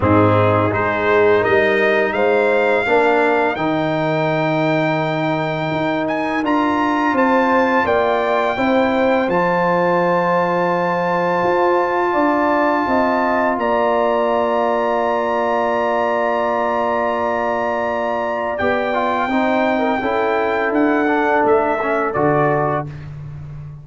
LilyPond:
<<
  \new Staff \with { instrumentName = "trumpet" } { \time 4/4 \tempo 4 = 84 gis'4 c''4 dis''4 f''4~ | f''4 g''2.~ | g''8 gis''8 ais''4 a''4 g''4~ | g''4 a''2.~ |
a''2. ais''4~ | ais''1~ | ais''2 g''2~ | g''4 fis''4 e''4 d''4 | }
  \new Staff \with { instrumentName = "horn" } { \time 4/4 dis'4 gis'4 ais'4 c''4 | ais'1~ | ais'2 c''4 d''4 | c''1~ |
c''4 d''4 dis''4 d''4~ | d''1~ | d''2. c''8. ais'16 | a'1 | }
  \new Staff \with { instrumentName = "trombone" } { \time 4/4 c'4 dis'2. | d'4 dis'2.~ | dis'4 f'2. | e'4 f'2.~ |
f'1~ | f'1~ | f'2 g'8 f'8 dis'4 | e'4. d'4 cis'8 fis'4 | }
  \new Staff \with { instrumentName = "tuba" } { \time 4/4 gis,4 gis4 g4 gis4 | ais4 dis2. | dis'4 d'4 c'4 ais4 | c'4 f2. |
f'4 d'4 c'4 ais4~ | ais1~ | ais2 b4 c'4 | cis'4 d'4 a4 d4 | }
>>